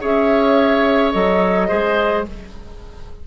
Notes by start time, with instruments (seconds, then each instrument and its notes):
0.00 bassoon C#4, clarinet G#4, oboe C#5, flute E5
1.11 bassoon F#3, clarinet A4, flute D#5
1.67 bassoon G#3, clarinet G#4, oboe C5